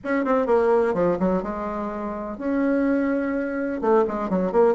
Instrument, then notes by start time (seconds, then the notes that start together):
bassoon
0.04 C#4
0.24 C4
0.46 A#3
0.94 F3
1.19 F#3
1.42 G#3
2.38 C#4
3.81 A3
4.07 G#3
4.29 F#3
4.52 A#3